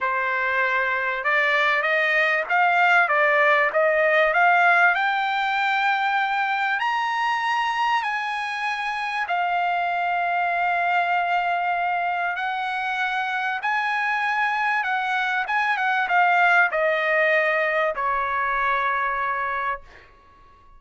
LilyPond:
\new Staff \with { instrumentName = "trumpet" } { \time 4/4 \tempo 4 = 97 c''2 d''4 dis''4 | f''4 d''4 dis''4 f''4 | g''2. ais''4~ | ais''4 gis''2 f''4~ |
f''1 | fis''2 gis''2 | fis''4 gis''8 fis''8 f''4 dis''4~ | dis''4 cis''2. | }